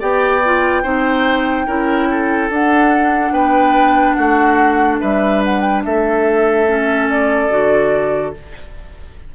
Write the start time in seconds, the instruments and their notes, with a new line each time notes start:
0.00 bassoon B3, clarinet G4, oboe D5, flute G5
0.45 clarinet F4
0.83 bassoon C4, clarinet D#4, oboe C5
1.67 bassoon C#4, clarinet E4, oboe A#4
2.11 oboe A4
2.50 bassoon D4, clarinet D4, flute F#5
3.32 bassoon B3, oboe B4, flute G5
4.14 bassoon A3, oboe F#4, flute F#5
5.01 bassoon G3, oboe B4, flute E5
5.44 flute F#5
5.61 flute G5
5.85 bassoon A3, oboe A4, flute E5
6.68 clarinet C#4
7.09 flute D5
7.50 bassoon D3, clarinet F#4